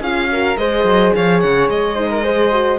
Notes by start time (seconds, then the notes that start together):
0.00 C#4 F4 G#4 F5
0.29 F#4 A#4
0.57 G#3 G#4 C5 D#5
0.84 F#3
1.16 F3 C#5 F5
1.41 C#3 F#5
1.69 G#3 D#5
1.95 D#4 C5
2.11 A#4
2.24 G#4 C5
2.52 F#4